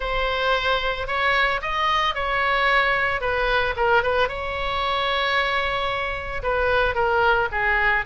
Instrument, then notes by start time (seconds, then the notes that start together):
oboe
0.00 C5
1.07 C#5
1.61 D#5
2.14 C#5
3.20 B4
3.76 A#4
4.02 B4
4.28 C#5
6.42 B4
6.94 A#4
7.51 G#4